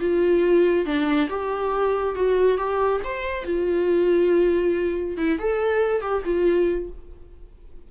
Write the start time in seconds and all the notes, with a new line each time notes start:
0.00 F4
0.86 D4
1.30 G4
2.15 F#4
2.58 G4
3.04 C5
3.45 F4
5.17 E4
5.39 A4
6.01 G4
6.25 F4